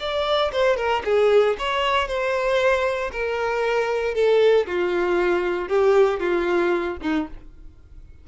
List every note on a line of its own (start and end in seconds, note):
0.00 0.52 D5
0.52 0.77 C5
0.77 1.03 A#4
1.05 1.57 G#4
1.59 2.08 C#5
2.08 3.11 C5
3.12 4.15 A#4
4.15 4.66 A4
4.67 5.69 F4
5.69 6.20 G4
6.20 6.98 F4
7.02 7.28 D#4